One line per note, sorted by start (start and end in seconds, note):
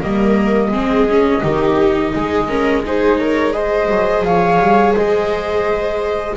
0.00 0.71 G3
0.00 0.74 A#3
0.00 0.71 A#4
0.00 2.84 D#5
0.71 1.42 G#3
0.71 1.09 C4
0.71 1.42 G#4
1.09 1.42 C#4
1.42 2.14 D#3
1.42 2.48 D#4
1.42 2.12 G4
2.15 3.90 G#3
2.15 2.49 G#4
2.49 2.85 C#4
2.49 2.84 A#4
2.85 3.53 D#4
2.85 3.21 G#4
2.85 3.19 C5
3.19 3.55 A#4
3.19 3.53 C#5
3.53 6.36 G#4
3.53 4.26 C5
3.53 4.23 D#5
3.90 4.24 F#3
4.24 4.59 F3
4.24 4.94 C#5
4.24 4.94 F5
4.60 4.95 G3
4.94 6.37 G#3
4.94 6.35 C5
4.94 6.36 D#5